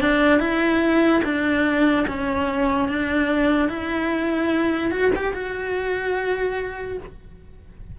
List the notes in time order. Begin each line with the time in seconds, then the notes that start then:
0.00 D4
0.39 E4
1.24 D4
2.07 C#4
2.88 D4
3.68 E4
4.91 F#4
5.15 G4
5.33 F#4